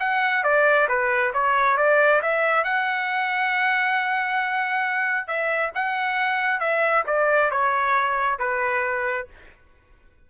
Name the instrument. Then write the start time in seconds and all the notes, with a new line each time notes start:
trumpet
0.00 F#5
0.44 D5
0.89 B4
1.34 C#5
1.78 D5
2.22 E5
2.65 F#5
5.28 E5
5.75 F#5
6.61 E5
7.07 D5
7.51 C#5
8.39 B4